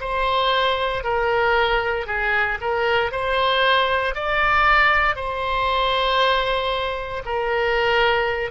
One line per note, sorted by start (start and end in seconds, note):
0.00 1.03 C5
1.03 2.06 A#4
2.06 2.58 G#4
2.61 3.11 A#4
3.11 4.14 C5
4.14 5.15 D5
5.15 7.22 C5
7.25 8.51 A#4